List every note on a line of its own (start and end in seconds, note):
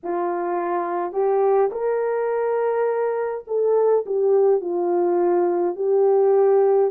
0.03 1.12 F4
1.12 1.70 G4
1.72 3.45 A#4
3.47 4.04 A4
4.06 4.60 G4
4.60 5.75 F4
5.75 6.90 G4